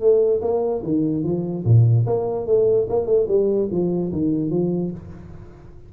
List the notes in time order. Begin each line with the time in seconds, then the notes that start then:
0.00 A3
0.41 A#3
0.83 D#3
1.24 F3
1.65 A#2
2.06 A#3
2.47 A3
2.89 A#3
3.06 A3
3.28 G3
3.71 F3
4.13 D#3
4.50 F3